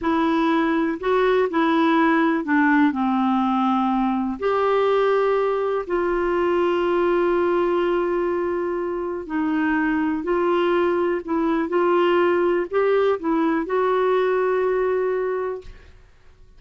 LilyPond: \new Staff \with { instrumentName = "clarinet" } { \time 4/4 \tempo 4 = 123 e'2 fis'4 e'4~ | e'4 d'4 c'2~ | c'4 g'2. | f'1~ |
f'2. dis'4~ | dis'4 f'2 e'4 | f'2 g'4 e'4 | fis'1 | }